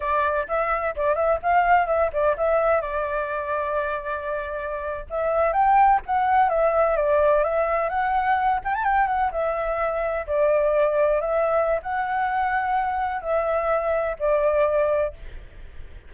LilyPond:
\new Staff \with { instrumentName = "flute" } { \time 4/4 \tempo 4 = 127 d''4 e''4 d''8 e''8 f''4 | e''8 d''8 e''4 d''2~ | d''2~ d''8. e''4 g''16~ | g''8. fis''4 e''4 d''4 e''16~ |
e''8. fis''4. g''16 a''16 g''8 fis''8 e''16~ | e''4.~ e''16 d''2 e''16~ | e''4 fis''2. | e''2 d''2 | }